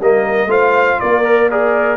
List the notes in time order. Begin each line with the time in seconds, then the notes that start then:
0.00 G3 A#3 A#4 D#5
0.46 A3 F4 C5 F5
1.00 A#3 A#4 D5
1.24 A#4
1.50 G#4 A#4 D5